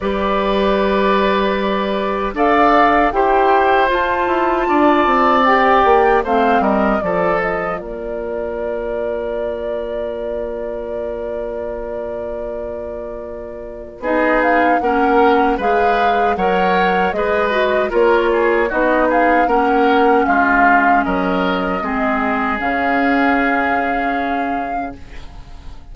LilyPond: <<
  \new Staff \with { instrumentName = "flute" } { \time 4/4 \tempo 4 = 77 d''2. f''4 | g''4 a''2 g''4 | f''8 dis''8 d''8 dis''8 d''2~ | d''1~ |
d''2 dis''8 f''8 fis''4 | f''4 fis''4 dis''4 cis''4 | dis''8 f''8 fis''4 f''4 dis''4~ | dis''4 f''2. | }
  \new Staff \with { instrumentName = "oboe" } { \time 4/4 b'2. d''4 | c''2 d''2 | c''8 ais'8 a'4 ais'2~ | ais'1~ |
ais'2 gis'4 ais'4 | b'4 cis''4 b'4 ais'8 gis'8 | fis'8 gis'8 ais'4 f'4 ais'4 | gis'1 | }
  \new Staff \with { instrumentName = "clarinet" } { \time 4/4 g'2. a'4 | g'4 f'2 g'4 | c'4 f'2.~ | f'1~ |
f'2 dis'4 cis'4 | gis'4 ais'4 gis'8 fis'8 f'4 | dis'4 cis'2. | c'4 cis'2. | }
  \new Staff \with { instrumentName = "bassoon" } { \time 4/4 g2. d'4 | e'4 f'8 e'8 d'8 c'4 ais8 | a8 g8 f4 ais2~ | ais1~ |
ais2 b4 ais4 | gis4 fis4 gis4 ais4 | b4 ais4 gis4 fis4 | gis4 cis2. | }
>>